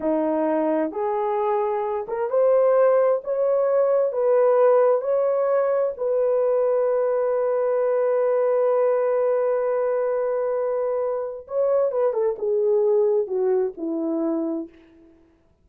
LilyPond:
\new Staff \with { instrumentName = "horn" } { \time 4/4 \tempo 4 = 131 dis'2 gis'2~ | gis'8 ais'8 c''2 cis''4~ | cis''4 b'2 cis''4~ | cis''4 b'2.~ |
b'1~ | b'1~ | b'4 cis''4 b'8 a'8 gis'4~ | gis'4 fis'4 e'2 | }